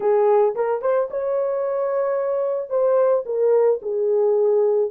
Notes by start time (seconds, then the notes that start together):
0.00 G#4
0.55 A#4
0.81 C5
1.10 C#5
2.69 C5
3.25 A#4
3.82 G#4